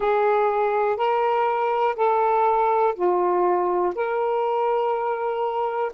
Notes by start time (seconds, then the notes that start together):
0.00 G#4
0.96 A#4
1.95 A4
2.95 F4
3.95 A#4